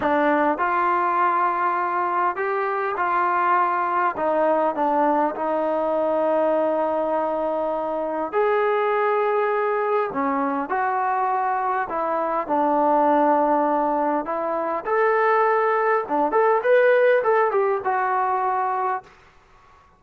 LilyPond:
\new Staff \with { instrumentName = "trombone" } { \time 4/4 \tempo 4 = 101 d'4 f'2. | g'4 f'2 dis'4 | d'4 dis'2.~ | dis'2 gis'2~ |
gis'4 cis'4 fis'2 | e'4 d'2. | e'4 a'2 d'8 a'8 | b'4 a'8 g'8 fis'2 | }